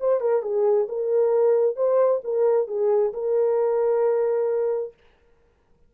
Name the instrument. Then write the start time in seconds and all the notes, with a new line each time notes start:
horn
0.00 C5
0.20 A#4
0.42 G#4
0.88 A#4
1.76 C5
2.24 A#4
2.68 G#4
3.13 A#4